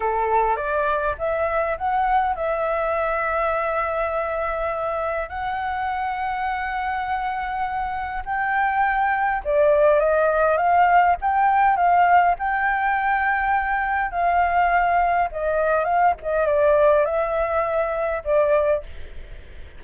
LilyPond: \new Staff \with { instrumentName = "flute" } { \time 4/4 \tempo 4 = 102 a'4 d''4 e''4 fis''4 | e''1~ | e''4 fis''2.~ | fis''2 g''2 |
d''4 dis''4 f''4 g''4 | f''4 g''2. | f''2 dis''4 f''8 dis''8 | d''4 e''2 d''4 | }